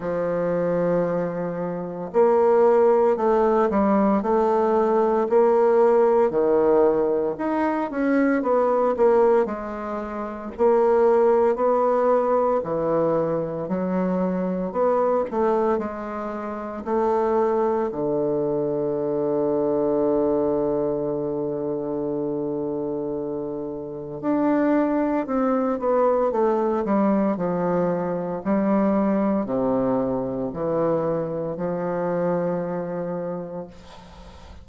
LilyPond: \new Staff \with { instrumentName = "bassoon" } { \time 4/4 \tempo 4 = 57 f2 ais4 a8 g8 | a4 ais4 dis4 dis'8 cis'8 | b8 ais8 gis4 ais4 b4 | e4 fis4 b8 a8 gis4 |
a4 d2.~ | d2. d'4 | c'8 b8 a8 g8 f4 g4 | c4 e4 f2 | }